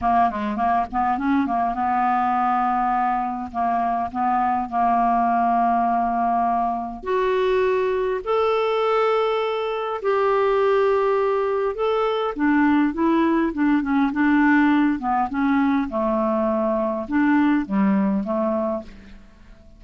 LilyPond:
\new Staff \with { instrumentName = "clarinet" } { \time 4/4 \tempo 4 = 102 ais8 gis8 ais8 b8 cis'8 ais8 b4~ | b2 ais4 b4 | ais1 | fis'2 a'2~ |
a'4 g'2. | a'4 d'4 e'4 d'8 cis'8 | d'4. b8 cis'4 a4~ | a4 d'4 g4 a4 | }